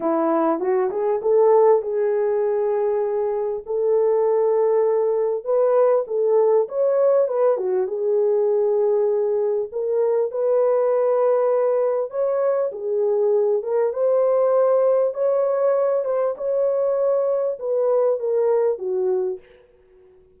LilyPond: \new Staff \with { instrumentName = "horn" } { \time 4/4 \tempo 4 = 99 e'4 fis'8 gis'8 a'4 gis'4~ | gis'2 a'2~ | a'4 b'4 a'4 cis''4 | b'8 fis'8 gis'2. |
ais'4 b'2. | cis''4 gis'4. ais'8 c''4~ | c''4 cis''4. c''8 cis''4~ | cis''4 b'4 ais'4 fis'4 | }